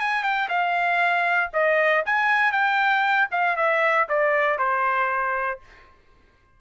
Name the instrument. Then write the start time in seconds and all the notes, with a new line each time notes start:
trumpet
0.00 G#5
0.23 G5
0.49 F5
1.53 D#5
2.06 G#5
2.52 G5
3.31 F5
3.57 E5
4.09 D5
4.59 C5